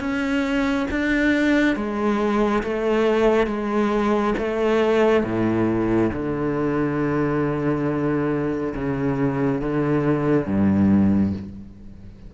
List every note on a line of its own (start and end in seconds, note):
0.00 0.87 C#4
0.91 1.76 D4
1.76 2.63 G#3
2.63 3.47 A3
3.47 4.34 G#3
4.38 5.23 A3
5.23 6.10 A2
6.13 8.74 D3
8.74 9.61 C#3
9.61 10.46 D3
10.46 11.33 G2